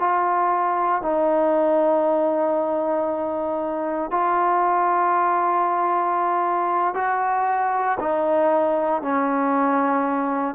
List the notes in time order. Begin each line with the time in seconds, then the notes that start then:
0.00 F4
1.02 D#4
4.11 F4
6.95 F#4
8.00 D#4
9.02 C#4